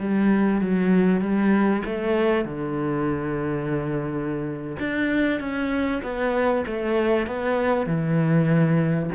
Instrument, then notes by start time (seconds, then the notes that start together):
cello
0.00 G3
0.61 F#3
1.21 G3
1.86 A3
2.45 D3
4.80 D4
5.40 C#4
6.03 B3
6.67 A3
7.27 B3
7.87 E3